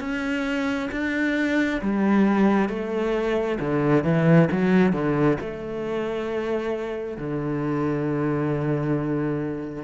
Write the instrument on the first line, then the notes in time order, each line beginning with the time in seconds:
cello
0.00 C#4
0.92 D4
1.82 G3
2.69 A3
3.60 D3
4.04 E3
4.51 F#3
4.93 D3
5.41 A3
7.17 D3